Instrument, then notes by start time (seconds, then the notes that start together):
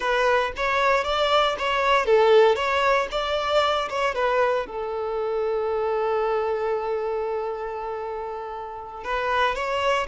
violin
0.00 B4
0.56 C#5
1.04 D5
1.58 C#5
2.05 A4
2.55 C#5
3.11 D5
3.89 C#5
4.14 B4
4.66 A4
9.04 B4
9.55 C#5